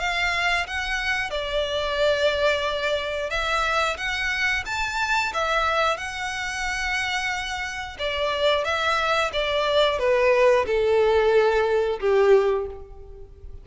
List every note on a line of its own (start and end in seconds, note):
0.00 0.67 F5
0.67 1.31 F#5
1.31 3.31 D5
3.31 3.97 E5
3.98 4.64 F#5
4.66 5.33 A5
5.34 5.98 E5
5.98 7.98 F#5
7.99 8.65 D5
8.65 9.31 E5
9.33 9.99 D5
9.99 10.66 B4
10.67 12.00 A4
12.00 12.67 G4